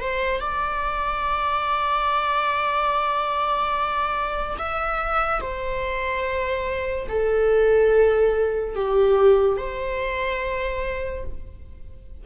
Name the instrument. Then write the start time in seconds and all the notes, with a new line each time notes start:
viola
0.00 C5
0.41 D5
4.58 E5
5.41 C5
7.08 A4
8.75 G4
9.57 C5